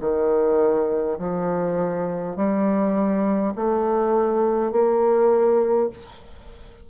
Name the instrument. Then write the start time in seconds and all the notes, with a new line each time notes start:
bassoon
0.00 D#3
1.18 F3
2.36 G3
3.55 A3
4.72 A#3